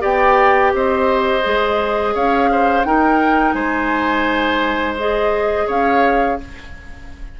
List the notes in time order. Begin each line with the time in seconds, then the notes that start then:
0.00 B3 G4 D5 G5
0.73 C4 C5 D#5
1.42 G#3 G#4
2.14 C#4 C#5 F5
2.51 C5
2.84 D#4 A#4 G5
3.52 G#3 C5 G#5
4.98 G#4 D#5
5.66 C#4 C#5 F5